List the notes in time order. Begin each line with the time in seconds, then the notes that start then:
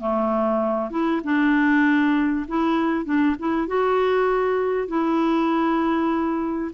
0.00 A3
0.91 E4
1.24 D4
2.48 E4
3.05 D4
3.40 E4
3.68 F#4
4.88 E4